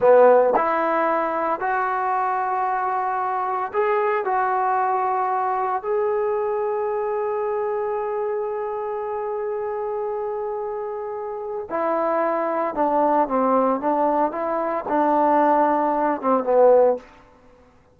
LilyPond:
\new Staff \with { instrumentName = "trombone" } { \time 4/4 \tempo 4 = 113 b4 e'2 fis'4~ | fis'2. gis'4 | fis'2. gis'4~ | gis'1~ |
gis'1~ | gis'2 e'2 | d'4 c'4 d'4 e'4 | d'2~ d'8 c'8 b4 | }